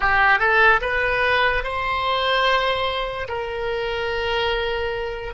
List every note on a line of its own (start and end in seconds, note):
0.00 0.39 G4
0.39 0.80 A4
0.81 1.63 B4
1.63 3.27 C5
3.28 5.33 A#4